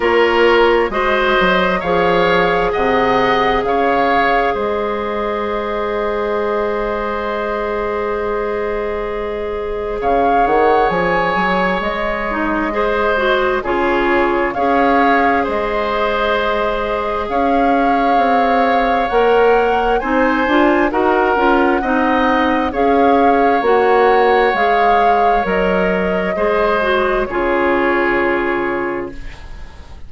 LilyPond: <<
  \new Staff \with { instrumentName = "flute" } { \time 4/4 \tempo 4 = 66 cis''4 dis''4 f''4 fis''4 | f''4 dis''2.~ | dis''2. f''8 fis''8 | gis''4 dis''2 cis''4 |
f''4 dis''2 f''4~ | f''4 fis''4 gis''4 fis''4~ | fis''4 f''4 fis''4 f''4 | dis''2 cis''2 | }
  \new Staff \with { instrumentName = "oboe" } { \time 4/4 ais'4 c''4 cis''4 dis''4 | cis''4 c''2.~ | c''2. cis''4~ | cis''2 c''4 gis'4 |
cis''4 c''2 cis''4~ | cis''2 c''4 ais'4 | dis''4 cis''2.~ | cis''4 c''4 gis'2 | }
  \new Staff \with { instrumentName = "clarinet" } { \time 4/4 f'4 fis'4 gis'2~ | gis'1~ | gis'1~ | gis'4. dis'8 gis'8 fis'8 f'4 |
gis'1~ | gis'4 ais'4 dis'8 f'8 fis'8 f'8 | dis'4 gis'4 fis'4 gis'4 | ais'4 gis'8 fis'8 f'2 | }
  \new Staff \with { instrumentName = "bassoon" } { \time 4/4 ais4 gis8 fis8 f4 c4 | cis4 gis2.~ | gis2. cis8 dis8 | f8 fis8 gis2 cis4 |
cis'4 gis2 cis'4 | c'4 ais4 c'8 d'8 dis'8 cis'8 | c'4 cis'4 ais4 gis4 | fis4 gis4 cis2 | }
>>